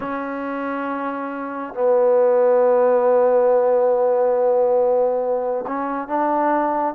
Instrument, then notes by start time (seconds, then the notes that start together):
trombone
0.00 C#4
1.74 B3
5.67 C#4
6.08 D4